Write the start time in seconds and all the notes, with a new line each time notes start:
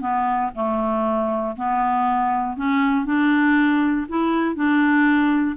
0.00 B3
0.55 A3
1.56 B3
2.56 C#4
3.05 D4
4.08 E4
4.55 D4